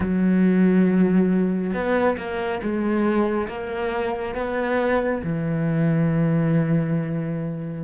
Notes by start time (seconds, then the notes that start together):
0.00 F#3
1.73 B3
2.17 A#3
2.62 G#3
3.48 A#3
4.34 B3
5.23 E3